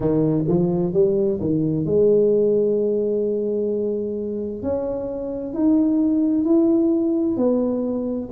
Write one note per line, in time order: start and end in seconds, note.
0.00 0.44 D#3
0.48 0.93 F3
0.93 1.39 G3
1.40 1.85 D#3
1.85 4.62 G#3
4.62 5.53 C#4
5.53 6.44 D#4
6.44 7.36 E4
7.36 8.29 B3